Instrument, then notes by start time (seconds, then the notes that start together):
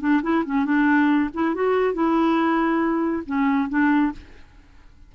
clarinet
0.00 D4
0.23 E4
0.45 C#4
0.65 D4
1.34 E4
1.54 F#4
1.94 E4
3.26 C#4
3.69 D4